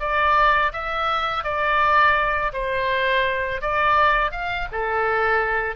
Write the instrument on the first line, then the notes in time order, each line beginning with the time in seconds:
oboe
0.00 D5
0.73 E5
1.44 D5
2.53 C5
3.62 D5
4.32 F5
4.72 A4